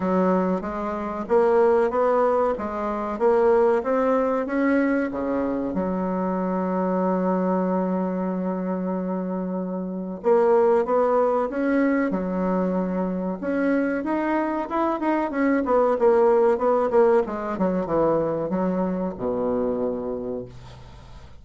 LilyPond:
\new Staff \with { instrumentName = "bassoon" } { \time 4/4 \tempo 4 = 94 fis4 gis4 ais4 b4 | gis4 ais4 c'4 cis'4 | cis4 fis2.~ | fis1 |
ais4 b4 cis'4 fis4~ | fis4 cis'4 dis'4 e'8 dis'8 | cis'8 b8 ais4 b8 ais8 gis8 fis8 | e4 fis4 b,2 | }